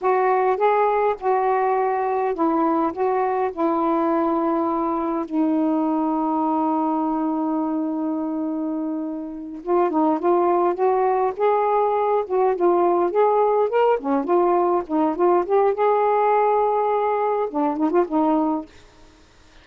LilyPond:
\new Staff \with { instrumentName = "saxophone" } { \time 4/4 \tempo 4 = 103 fis'4 gis'4 fis'2 | e'4 fis'4 e'2~ | e'4 dis'2.~ | dis'1~ |
dis'8 f'8 dis'8 f'4 fis'4 gis'8~ | gis'4 fis'8 f'4 gis'4 ais'8 | cis'8 f'4 dis'8 f'8 g'8 gis'4~ | gis'2 d'8 dis'16 f'16 dis'4 | }